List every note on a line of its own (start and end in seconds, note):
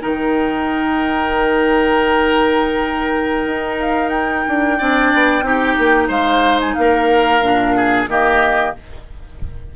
0.00 3.45 D#3
0.00 4.78 D#4
0.00 4.78 A#4
0.00 3.80 G5
3.45 4.44 D#4
3.80 4.09 F5
4.09 6.06 G5
4.48 4.80 D4
4.78 5.13 C4
4.78 5.43 D4
4.78 5.44 D5
5.13 5.42 B3
5.42 5.75 C4
5.42 7.41 D#4
5.42 6.08 G4
5.78 6.09 A#3
6.08 6.75 G#3
6.08 6.73 C5
6.08 6.60 F5
6.60 6.74 G#5
6.74 7.41 A#3
6.74 7.76 A#4
6.74 8.06 F5
7.41 8.07 A#2
7.41 8.08 D4
7.76 8.09 G#4
8.07 8.73 D#3
8.07 8.75 A#3
8.07 8.76 G4
8.07 8.75 D#5